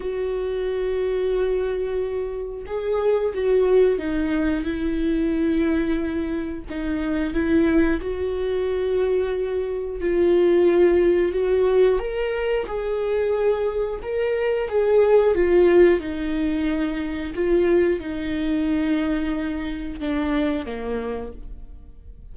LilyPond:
\new Staff \with { instrumentName = "viola" } { \time 4/4 \tempo 4 = 90 fis'1 | gis'4 fis'4 dis'4 e'4~ | e'2 dis'4 e'4 | fis'2. f'4~ |
f'4 fis'4 ais'4 gis'4~ | gis'4 ais'4 gis'4 f'4 | dis'2 f'4 dis'4~ | dis'2 d'4 ais4 | }